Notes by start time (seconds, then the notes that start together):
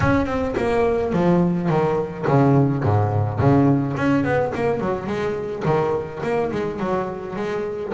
0.00 C#4
0.25 C4
0.57 A#3
1.12 F3
1.69 D#3
2.27 C#3
2.83 G#2
3.39 C#3
3.96 C#4
4.23 B3
4.54 A#3
4.80 F#3
5.06 G#3
5.65 D#3
6.23 A#3
6.51 G#3
6.79 F#3
7.36 G#3